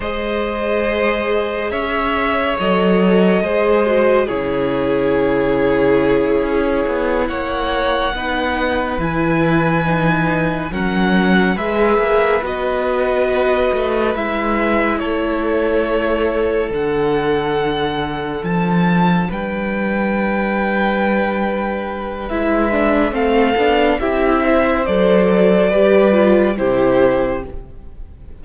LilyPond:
<<
  \new Staff \with { instrumentName = "violin" } { \time 4/4 \tempo 4 = 70 dis''2 e''4 dis''4~ | dis''4 cis''2.~ | cis''8 fis''2 gis''4.~ | gis''8 fis''4 e''4 dis''4.~ |
dis''8 e''4 cis''2 fis''8~ | fis''4. a''4 g''4.~ | g''2 e''4 f''4 | e''4 d''2 c''4 | }
  \new Staff \with { instrumentName = "violin" } { \time 4/4 c''2 cis''2 | c''4 gis'2.~ | gis'8 cis''4 b'2~ b'8~ | b'8 ais'4 b'2~ b'8~ |
b'4. a'2~ a'8~ | a'2~ a'8 b'4.~ | b'2. a'4 | g'8 c''4. b'4 g'4 | }
  \new Staff \with { instrumentName = "viola" } { \time 4/4 gis'2. a'4 | gis'8 fis'8 e'2.~ | e'4. dis'4 e'4 dis'8~ | dis'8 cis'4 gis'4 fis'4.~ |
fis'8 e'2. d'8~ | d'1~ | d'2 e'8 d'8 c'8 d'8 | e'4 a'4 g'8 f'8 e'4 | }
  \new Staff \with { instrumentName = "cello" } { \time 4/4 gis2 cis'4 fis4 | gis4 cis2~ cis8 cis'8 | b8 ais4 b4 e4.~ | e8 fis4 gis8 ais8 b4. |
a8 gis4 a2 d8~ | d4. f4 g4.~ | g2 gis4 a8 b8 | c'4 fis4 g4 c4 | }
>>